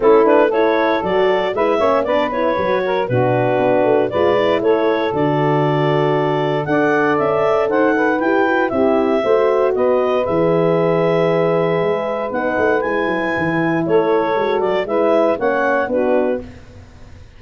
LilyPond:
<<
  \new Staff \with { instrumentName = "clarinet" } { \time 4/4 \tempo 4 = 117 a'8 b'8 cis''4 d''4 e''4 | d''8 cis''4. b'2 | d''4 cis''4 d''2~ | d''4 fis''4 e''4 fis''4 |
g''4 e''2 dis''4 | e''1 | fis''4 gis''2 cis''4~ | cis''8 d''8 e''4 fis''4 b'4 | }
  \new Staff \with { instrumentName = "saxophone" } { \time 4/4 e'4 a'2 b'8 cis''8 | b'4. ais'8 fis'2 | b'4 a'2.~ | a'4 d''2 c''8 b'8~ |
b'4 g'4 c''4 b'4~ | b'1~ | b'2. a'4~ | a'4 b'4 cis''4 fis'4 | }
  \new Staff \with { instrumentName = "horn" } { \time 4/4 cis'8 d'8 e'4 fis'4 e'8 cis'8 | d'8 e'8 fis'4 d'2 | f'8 e'4. fis'2~ | fis'4 a'2. |
g'8 fis'8 e'4 fis'2 | gis'1 | dis'4 e'2. | fis'4 e'4 cis'4 d'4 | }
  \new Staff \with { instrumentName = "tuba" } { \time 4/4 a2 fis4 gis8 ais8 | b4 fis4 b,4 b8 a8 | gis4 a4 d2~ | d4 d'4 cis'4 dis'4 |
e'4 c'4 a4 b4 | e2. gis4 | b8 a8 gis8 fis8 e4 a4 | gis8 fis8 gis4 ais4 b4 | }
>>